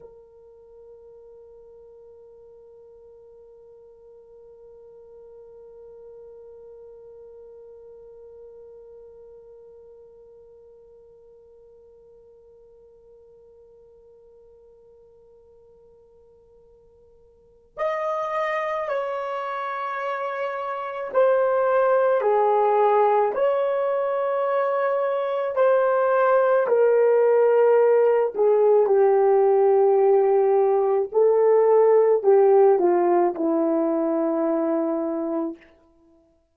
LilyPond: \new Staff \with { instrumentName = "horn" } { \time 4/4 \tempo 4 = 54 ais'1~ | ais'1~ | ais'1~ | ais'1 |
dis''4 cis''2 c''4 | gis'4 cis''2 c''4 | ais'4. gis'8 g'2 | a'4 g'8 f'8 e'2 | }